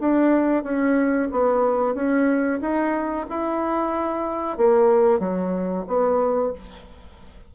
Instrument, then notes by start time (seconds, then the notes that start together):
bassoon
0.00 D4
0.63 C#4
1.31 B3
1.94 C#4
2.61 D#4
3.29 E4
4.57 A#3
5.19 F#3
5.87 B3